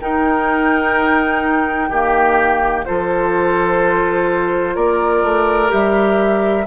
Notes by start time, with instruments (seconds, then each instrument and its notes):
0.00 bassoon D#4, clarinet D#4, oboe A#4, flute G5
1.88 bassoon D#3, clarinet A#3, oboe G4
2.85 bassoon F3, clarinet F4, oboe A4, flute C5
4.75 bassoon A#3, oboe A#4, flute D5
5.23 bassoon A3
5.68 bassoon G3, clarinet G4, flute E5